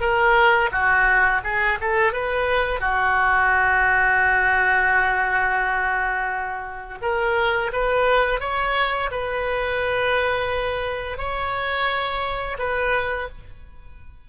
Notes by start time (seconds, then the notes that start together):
0.00 A#4
0.72 F#4
1.44 G#4
1.80 A4
2.12 B4
2.80 F#4
7.02 A#4
7.73 B4
8.40 C#5
9.11 B4
11.18 C#5
12.58 B4